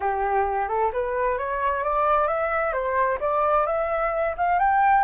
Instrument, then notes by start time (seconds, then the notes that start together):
flute
0.00 G4
0.68 A4
0.92 B4
1.37 C#5
1.83 D5
2.27 E5
2.72 C5
3.20 D5
3.66 E5
4.37 F5
4.59 G5